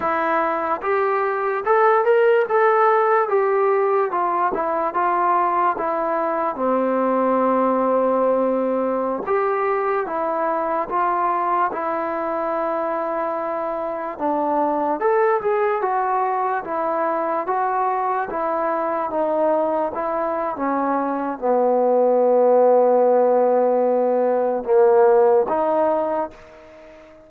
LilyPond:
\new Staff \with { instrumentName = "trombone" } { \time 4/4 \tempo 4 = 73 e'4 g'4 a'8 ais'8 a'4 | g'4 f'8 e'8 f'4 e'4 | c'2.~ c'16 g'8.~ | g'16 e'4 f'4 e'4.~ e'16~ |
e'4~ e'16 d'4 a'8 gis'8 fis'8.~ | fis'16 e'4 fis'4 e'4 dis'8.~ | dis'16 e'8. cis'4 b2~ | b2 ais4 dis'4 | }